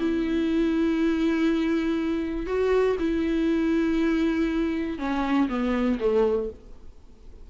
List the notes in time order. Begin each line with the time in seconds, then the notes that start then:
0.00 E4
2.46 F#4
2.99 E4
4.99 C#4
5.49 B3
6.00 A3